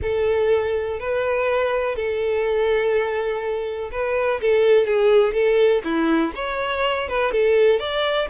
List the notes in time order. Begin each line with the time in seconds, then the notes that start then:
0.02 A4
0.99 B4
1.95 A4
3.91 B4
4.40 A4
4.86 G#4
5.33 A4
5.84 E4
6.35 C#5
7.08 B4
7.31 A4
7.79 D5